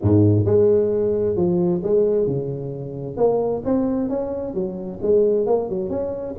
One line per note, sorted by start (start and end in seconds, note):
0.02 0.45 G#2
0.45 1.36 G#3
1.36 1.81 F3
1.83 2.26 G#3
2.26 3.17 C#3
3.17 3.62 A#3
3.64 4.09 C4
4.09 4.54 C#4
4.54 4.99 F#3
5.02 5.46 G#3
5.46 5.69 A#3
5.69 5.89 F#3
5.89 6.35 C#4